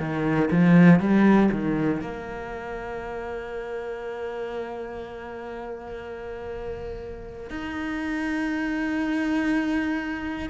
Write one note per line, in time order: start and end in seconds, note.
0.00 0.50 D#3
0.51 1.00 F3
1.00 1.50 G3
1.52 2.02 D#3
2.02 7.51 A#3
7.51 10.50 D#4